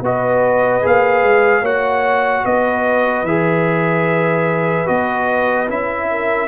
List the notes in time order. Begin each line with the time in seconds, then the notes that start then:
0.00 B3 F#4 B4 D#5
0.82 A#3 G#4 F5
1.23 G#3
1.60 A#3 F#4 C#5 F#5
2.44 B3 B4 D#5
3.22 E3 G#4 E5
4.86 B3 F#4 D#5
5.69 C#4 E4 E5
6.10 A#4